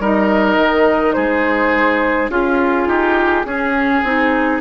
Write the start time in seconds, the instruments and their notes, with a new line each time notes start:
0.00 bassoon G3, clarinet D#4, oboe A#4, flute D#5
0.57 bassoon D#3
1.14 bassoon G#3, oboe G#4, flute C5
2.30 bassoon C#4, clarinet F4, oboe F4, flute G#4
2.87 bassoon D#4, oboe G4
3.45 bassoon C#4, clarinet C#4, oboe G#4
4.04 bassoon C4, clarinet D#4